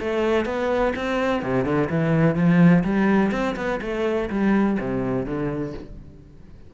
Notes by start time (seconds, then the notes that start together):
0.00 A3
0.46 B3
0.96 C4
1.43 C3
1.65 D3
1.90 E3
2.36 F3
2.84 G3
3.32 C4
3.57 B3
3.82 A3
4.30 G3
4.80 C3
5.26 D3